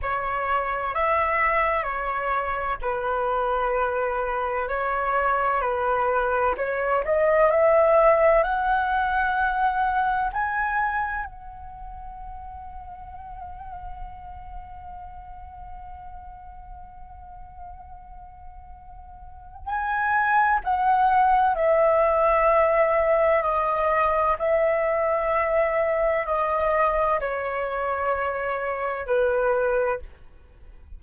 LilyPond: \new Staff \with { instrumentName = "flute" } { \time 4/4 \tempo 4 = 64 cis''4 e''4 cis''4 b'4~ | b'4 cis''4 b'4 cis''8 dis''8 | e''4 fis''2 gis''4 | fis''1~ |
fis''1~ | fis''4 gis''4 fis''4 e''4~ | e''4 dis''4 e''2 | dis''4 cis''2 b'4 | }